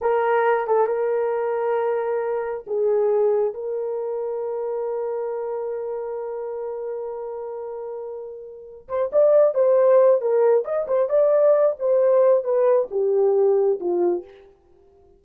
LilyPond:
\new Staff \with { instrumentName = "horn" } { \time 4/4 \tempo 4 = 135 ais'4. a'8 ais'2~ | ais'2 gis'2 | ais'1~ | ais'1~ |
ais'1 | c''8 d''4 c''4. ais'4 | dis''8 c''8 d''4. c''4. | b'4 g'2 f'4 | }